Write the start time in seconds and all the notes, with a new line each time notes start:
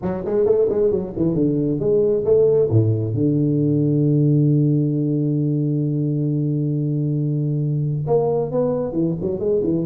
0.02 F#3
0.25 G#3
0.45 A3
0.69 G#3
0.91 F#3
1.16 E3
1.34 D3
1.79 G#3
2.24 A3
2.70 A2
3.13 D3
8.07 A#3
8.51 B3
8.92 E3
9.21 F#3
9.39 G#3
9.63 E3